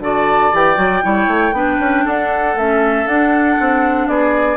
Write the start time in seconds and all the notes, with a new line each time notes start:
0.00 D3 F#4 D5 A5
0.52 E3 G4 G5
0.76 F#3 F#4
1.03 G3 E4 C#5
1.27 A3
1.52 B3 D4 B4
1.80 C#4
2.05 D4 A4 F#5
2.57 A3 C#4 E5
3.06 D4 F#5
3.60 C4
4.08 B3 G#4 D5